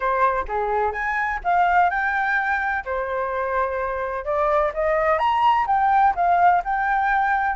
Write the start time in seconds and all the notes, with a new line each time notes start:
0.00 C5
0.47 G#4
0.92 G#5
1.43 F5
1.90 G5
2.85 C5
4.24 D5
4.74 D#5
5.18 A#5
5.66 G5
6.15 F5
6.64 G5